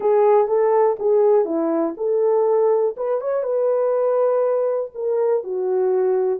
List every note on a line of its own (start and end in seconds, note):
0.00 0.47 G#4
0.47 0.96 A4
0.99 1.45 G#4
1.45 1.94 E4
1.97 2.95 A4
2.96 3.21 B4
3.21 3.43 C#5
3.43 4.90 B4
4.94 5.43 A#4
5.43 6.39 F#4